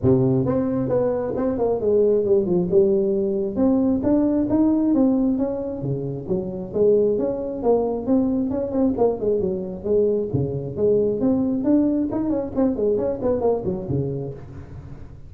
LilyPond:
\new Staff \with { instrumentName = "tuba" } { \time 4/4 \tempo 4 = 134 c4 c'4 b4 c'8 ais8 | gis4 g8 f8 g2 | c'4 d'4 dis'4 c'4 | cis'4 cis4 fis4 gis4 |
cis'4 ais4 c'4 cis'8 c'8 | ais8 gis8 fis4 gis4 cis4 | gis4 c'4 d'4 dis'8 cis'8 | c'8 gis8 cis'8 b8 ais8 fis8 cis4 | }